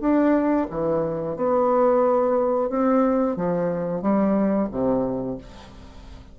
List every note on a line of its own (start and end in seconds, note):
0.00 0.67 D4
0.70 1.36 E3
1.36 2.69 B3
2.69 3.36 C4
3.36 4.02 F3
4.02 4.68 G3
4.71 5.38 C3